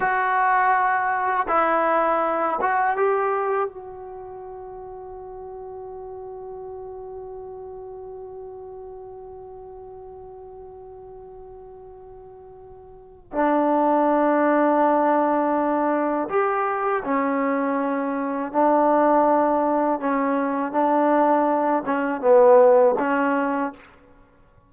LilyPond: \new Staff \with { instrumentName = "trombone" } { \time 4/4 \tempo 4 = 81 fis'2 e'4. fis'8 | g'4 fis'2.~ | fis'1~ | fis'1~ |
fis'2 d'2~ | d'2 g'4 cis'4~ | cis'4 d'2 cis'4 | d'4. cis'8 b4 cis'4 | }